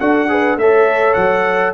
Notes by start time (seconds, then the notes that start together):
0.00 D4 F#4 A4 F#5
0.29 G#4 B4
0.57 A3 A4 C#5 E5
1.14 F#3 F#5